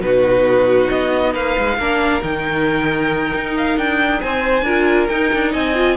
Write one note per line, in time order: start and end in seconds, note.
0.00 0.88 B2
0.00 1.77 D#4
0.00 1.33 F#4
0.00 0.89 B4
0.89 1.35 B3
0.89 1.33 D#5
1.33 1.57 A#3
1.33 1.77 B4
1.33 2.23 F5
1.58 1.78 G#3
1.78 2.22 A#3
1.78 2.22 D4
1.78 4.22 A#4
2.22 3.33 D#3
2.22 4.64 D#4
2.22 3.56 G5
3.34 3.77 D#4
3.57 3.78 F5
3.77 4.21 D4
3.77 4.21 G5
4.21 4.62 C4
4.21 4.64 C5
4.21 5.07 G#5
4.62 5.06 D4
4.62 5.09 F4
4.62 5.52 A#4
5.07 5.75 D#4
5.07 5.32 D#4
5.07 5.51 G5
5.33 5.54 D4
5.52 5.96 C4
5.52 5.96 D#5
5.52 5.96 G#5
5.75 5.96 F4